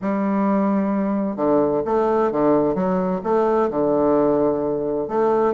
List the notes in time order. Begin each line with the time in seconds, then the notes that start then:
0.01 G3
1.36 D3
1.85 A3
2.31 D3
2.74 F#3
3.23 A3
3.70 D3
5.08 A3